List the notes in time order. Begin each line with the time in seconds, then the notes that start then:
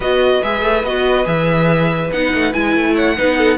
0.00 B3 F#4 B4 D#5
0.42 G#3 G#4 E5
0.62 A3
0.83 B3 F#4 D#5
1.24 E3 G#4 E5
2.12 B3 D#4 F#5
2.33 A3
2.52 G#3 E4 G#5
2.76 A3
2.95 C#5 F#5
3.17 B3 D#4 B4
3.37 A4